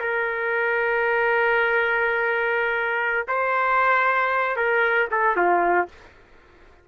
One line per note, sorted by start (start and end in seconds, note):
0.00 3.26 A#4
3.27 4.56 C5
4.56 5.08 A#4
5.11 5.36 A4
5.36 5.88 F4